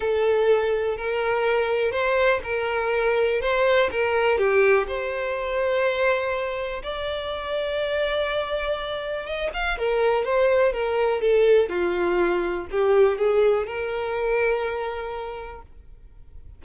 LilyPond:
\new Staff \with { instrumentName = "violin" } { \time 4/4 \tempo 4 = 123 a'2 ais'2 | c''4 ais'2 c''4 | ais'4 g'4 c''2~ | c''2 d''2~ |
d''2. dis''8 f''8 | ais'4 c''4 ais'4 a'4 | f'2 g'4 gis'4 | ais'1 | }